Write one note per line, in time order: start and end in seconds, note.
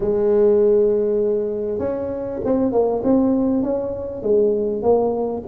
0.00 1.79 G#3
1.79 2.39 C#4
2.44 2.72 C4
2.72 3.02 A#3
3.03 3.62 C4
3.62 4.22 C#4
4.22 4.82 G#3
4.82 5.42 A#3